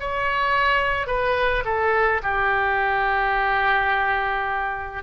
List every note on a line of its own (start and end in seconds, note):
0.00 1.07 C#5
1.07 1.64 B4
1.65 2.21 A4
2.23 5.03 G4